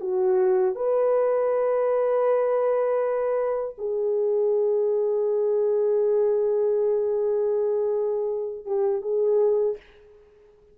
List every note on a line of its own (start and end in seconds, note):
0.00 0.75 F#4
0.75 3.75 B4
3.78 8.65 G#4
8.65 9.01 G4
9.01 9.76 G#4